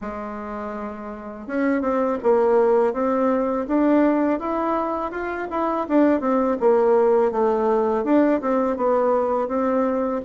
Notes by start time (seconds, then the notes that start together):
0.01 G#3
1.47 C#4
1.81 C4
2.22 A#3
2.93 C4
3.68 D4
4.39 E4
5.11 F4
5.50 E4
5.88 D4
6.20 C4
6.60 A#3
7.31 A3
8.04 D4
8.41 C4
8.76 B3
9.48 C4